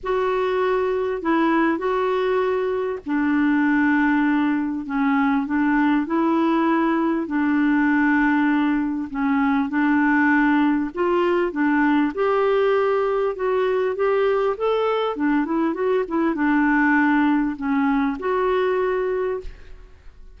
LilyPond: \new Staff \with { instrumentName = "clarinet" } { \time 4/4 \tempo 4 = 99 fis'2 e'4 fis'4~ | fis'4 d'2. | cis'4 d'4 e'2 | d'2. cis'4 |
d'2 f'4 d'4 | g'2 fis'4 g'4 | a'4 d'8 e'8 fis'8 e'8 d'4~ | d'4 cis'4 fis'2 | }